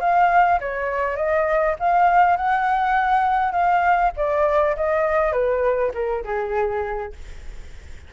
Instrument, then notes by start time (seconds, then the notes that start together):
flute
0.00 F5
0.60 C#5
1.16 D#5
1.80 F5
2.37 F#5
3.52 F5
4.16 D5
4.76 D#5
5.32 B4
5.94 A#4
6.24 G#4